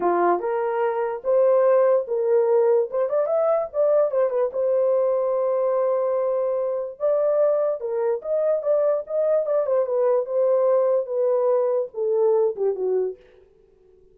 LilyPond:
\new Staff \with { instrumentName = "horn" } { \time 4/4 \tempo 4 = 146 f'4 ais'2 c''4~ | c''4 ais'2 c''8 d''8 | e''4 d''4 c''8 b'8 c''4~ | c''1~ |
c''4 d''2 ais'4 | dis''4 d''4 dis''4 d''8 c''8 | b'4 c''2 b'4~ | b'4 a'4. g'8 fis'4 | }